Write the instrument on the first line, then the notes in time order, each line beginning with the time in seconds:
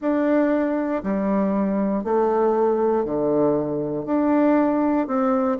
bassoon
0.00 D4
1.03 G3
2.03 A3
3.05 D3
4.05 D4
5.07 C4